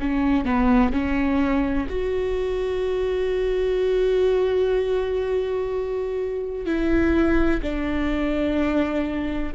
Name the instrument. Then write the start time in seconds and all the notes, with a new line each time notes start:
viola
0.00 C#4
0.45 B3
0.92 C#4
1.89 F#4
6.66 E4
7.62 D4